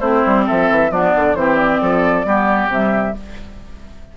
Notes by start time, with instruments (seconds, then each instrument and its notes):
0.00 bassoon A3, clarinet C4, oboe E4, flute C5
0.26 bassoon G3
0.46 bassoon F3, oboe A4, flute E5
0.70 bassoon E3
0.90 bassoon F3, clarinet B3, oboe D4, flute D5
1.16 bassoon D3
1.35 bassoon E3, clarinet C4, oboe G4, flute C5
1.57 flute D5
1.81 bassoon F3, oboe A4
2.25 bassoon G3, clarinet B3, oboe G4
2.68 bassoon C3, clarinet G3, flute E5